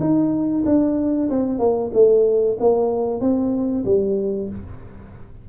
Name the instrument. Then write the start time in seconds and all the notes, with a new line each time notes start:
tuba
0.00 D#4
0.66 D4
1.30 C4
1.59 A#3
1.94 A3
2.60 A#3
3.21 C4
3.85 G3